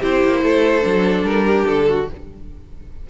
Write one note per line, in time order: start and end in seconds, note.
0.00 0.24 C4
0.00 0.82 E4
0.00 0.41 G4
0.00 1.25 C5
0.24 0.43 A#3
0.43 0.84 A3
0.43 1.46 A4
0.82 1.23 F#3
0.82 2.05 D4
1.23 1.64 G3
1.23 1.66 A#4
1.46 1.88 G4
1.67 2.10 D3
1.67 2.08 A4
1.89 2.10 F#4